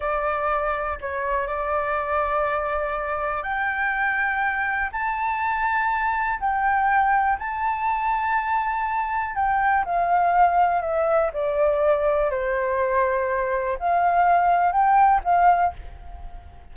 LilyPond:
\new Staff \with { instrumentName = "flute" } { \time 4/4 \tempo 4 = 122 d''2 cis''4 d''4~ | d''2. g''4~ | g''2 a''2~ | a''4 g''2 a''4~ |
a''2. g''4 | f''2 e''4 d''4~ | d''4 c''2. | f''2 g''4 f''4 | }